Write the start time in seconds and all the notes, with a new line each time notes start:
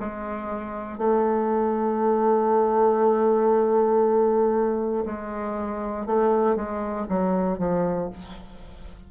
0.00 G#3
0.98 A3
5.06 G#3
6.06 A3
6.56 G#3
7.09 F#3
7.59 F3